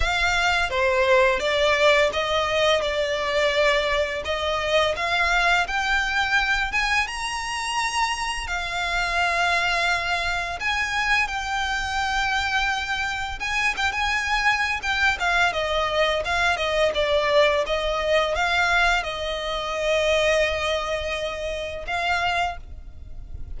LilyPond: \new Staff \with { instrumentName = "violin" } { \time 4/4 \tempo 4 = 85 f''4 c''4 d''4 dis''4 | d''2 dis''4 f''4 | g''4. gis''8 ais''2 | f''2. gis''4 |
g''2. gis''8 g''16 gis''16~ | gis''4 g''8 f''8 dis''4 f''8 dis''8 | d''4 dis''4 f''4 dis''4~ | dis''2. f''4 | }